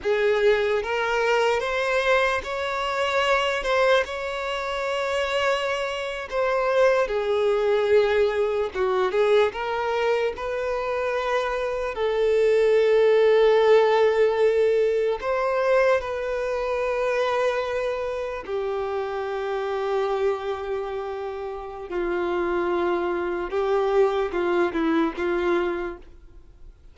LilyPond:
\new Staff \with { instrumentName = "violin" } { \time 4/4 \tempo 4 = 74 gis'4 ais'4 c''4 cis''4~ | cis''8 c''8 cis''2~ cis''8. c''16~ | c''8. gis'2 fis'8 gis'8 ais'16~ | ais'8. b'2 a'4~ a'16~ |
a'2~ a'8. c''4 b'16~ | b'2~ b'8. g'4~ g'16~ | g'2. f'4~ | f'4 g'4 f'8 e'8 f'4 | }